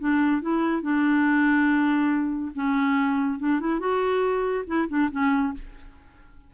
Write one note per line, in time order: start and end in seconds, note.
0.00 0.42 D4
0.42 0.82 E4
0.82 2.53 D4
2.56 3.40 C#4
3.40 3.61 D4
3.61 3.80 E4
3.80 4.65 F#4
4.67 4.89 E4
4.89 5.10 D4
5.12 5.54 C#4